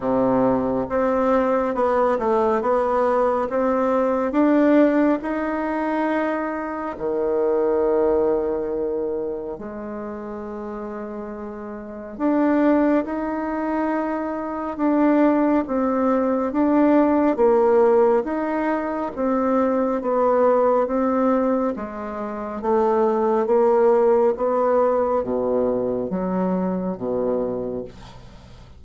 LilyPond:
\new Staff \with { instrumentName = "bassoon" } { \time 4/4 \tempo 4 = 69 c4 c'4 b8 a8 b4 | c'4 d'4 dis'2 | dis2. gis4~ | gis2 d'4 dis'4~ |
dis'4 d'4 c'4 d'4 | ais4 dis'4 c'4 b4 | c'4 gis4 a4 ais4 | b4 b,4 fis4 b,4 | }